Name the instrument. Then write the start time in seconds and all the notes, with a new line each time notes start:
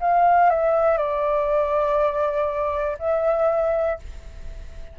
flute
0.00 F5
0.50 E5
0.97 D5
2.99 E5